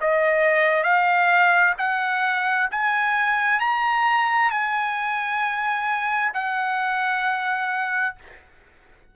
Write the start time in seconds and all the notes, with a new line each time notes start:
0.00 D#5
0.83 F5
1.78 F#5
2.71 G#5
3.60 A#5
4.50 G#5
6.33 F#5